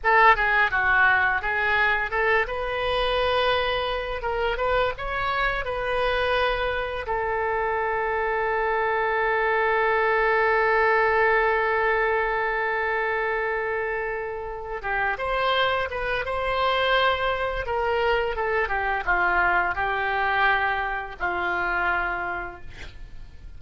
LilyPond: \new Staff \with { instrumentName = "oboe" } { \time 4/4 \tempo 4 = 85 a'8 gis'8 fis'4 gis'4 a'8 b'8~ | b'2 ais'8 b'8 cis''4 | b'2 a'2~ | a'1~ |
a'1~ | a'4 g'8 c''4 b'8 c''4~ | c''4 ais'4 a'8 g'8 f'4 | g'2 f'2 | }